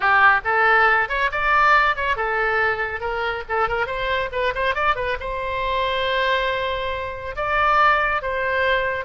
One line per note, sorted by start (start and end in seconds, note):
0.00 0.40 G4
0.44 1.09 A4
1.09 1.30 C#5
1.31 1.96 D5
1.96 2.16 C#5
2.16 3.00 A4
3.00 3.43 A#4
3.48 3.68 A4
3.68 3.86 A#4
3.86 4.29 C5
4.31 4.53 B4
4.54 4.75 C5
4.75 4.95 D5
4.95 5.17 B4
5.19 7.35 C5
7.36 8.22 D5
8.22 9.04 C5